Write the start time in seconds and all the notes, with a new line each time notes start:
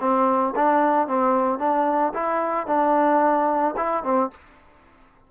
0.00 C4
0.56 D4
1.08 C4
1.59 D4
2.14 E4
2.67 D4
3.77 E4
4.03 C4